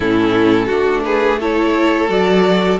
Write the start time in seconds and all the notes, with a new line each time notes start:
0.00 A2 C#4 E4 A4
0.66 A3 D4 F#4
1.04 G#4 B4
1.40 E4 A4 C#5
2.08 F#3 F#4 D5